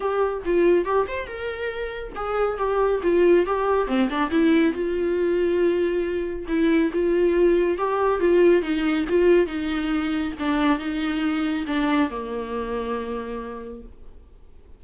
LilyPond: \new Staff \with { instrumentName = "viola" } { \time 4/4 \tempo 4 = 139 g'4 f'4 g'8 c''8 ais'4~ | ais'4 gis'4 g'4 f'4 | g'4 c'8 d'8 e'4 f'4~ | f'2. e'4 |
f'2 g'4 f'4 | dis'4 f'4 dis'2 | d'4 dis'2 d'4 | ais1 | }